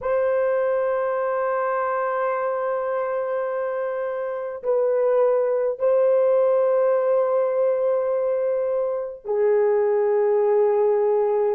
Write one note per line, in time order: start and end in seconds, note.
0.01 4.63 C5
4.63 5.78 B4
5.78 9.24 C5
9.24 11.55 G#4